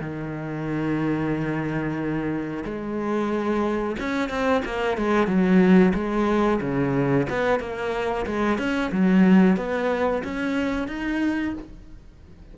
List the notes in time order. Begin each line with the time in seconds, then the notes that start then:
0.00 D#3
2.64 G#3
3.99 C#4
4.29 C4
4.65 A#3
4.97 G#3
5.27 F#3
5.94 G#3
6.61 C#3
7.29 B3
7.59 A#3
8.26 G#3
8.58 C#4
8.91 F#3
9.56 B3
10.24 C#4
10.87 D#4